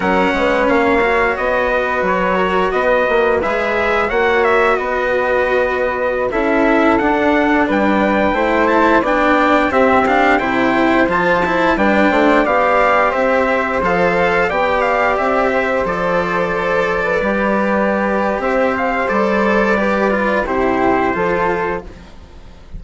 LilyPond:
<<
  \new Staff \with { instrumentName = "trumpet" } { \time 4/4 \tempo 4 = 88 fis''4 f''4 dis''4 cis''4 | dis''4 e''4 fis''8 e''8 dis''4~ | dis''4~ dis''16 e''4 fis''4 g''8.~ | g''8. a''8 g''4 e''8 f''8 g''8.~ |
g''16 a''4 g''4 f''4 e''8.~ | e''16 f''4 g''8 f''8 e''4 d''8.~ | d''2. e''8 f''8 | d''2 c''2 | }
  \new Staff \with { instrumentName = "flute" } { \time 4/4 ais'8 b'8 cis''4. b'4 ais'8 | b'2 cis''4 b'4~ | b'4~ b'16 a'2 b'8.~ | b'16 c''4 d''4 g'4 c''8.~ |
c''4~ c''16 b'8 c''8 d''4 c''8.~ | c''4~ c''16 d''4. c''4~ c''16~ | c''4 b'2 c''4~ | c''4 b'4 g'4 a'4 | }
  \new Staff \with { instrumentName = "cello" } { \time 4/4 cis'4. fis'2~ fis'8~ | fis'4 gis'4 fis'2~ | fis'4~ fis'16 e'4 d'4.~ d'16~ | d'16 e'4 d'4 c'8 d'8 e'8.~ |
e'16 f'8 e'8 d'4 g'4.~ g'16~ | g'16 a'4 g'2 a'8.~ | a'4~ a'16 g'2~ g'8. | a'4 g'8 f'8 e'4 f'4 | }
  \new Staff \with { instrumentName = "bassoon" } { \time 4/4 fis8 gis8 ais4 b4 fis4 | b8 ais8 gis4 ais4 b4~ | b4~ b16 cis'4 d'4 g8.~ | g16 a4 b4 c'4 c8.~ |
c16 f4 g8 a8 b4 c'8.~ | c'16 f4 b4 c'4 f8.~ | f4~ f16 g4.~ g16 c'4 | g2 c4 f4 | }
>>